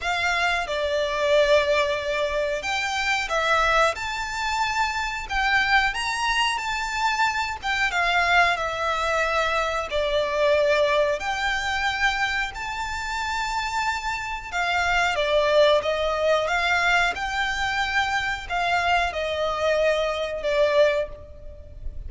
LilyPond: \new Staff \with { instrumentName = "violin" } { \time 4/4 \tempo 4 = 91 f''4 d''2. | g''4 e''4 a''2 | g''4 ais''4 a''4. g''8 | f''4 e''2 d''4~ |
d''4 g''2 a''4~ | a''2 f''4 d''4 | dis''4 f''4 g''2 | f''4 dis''2 d''4 | }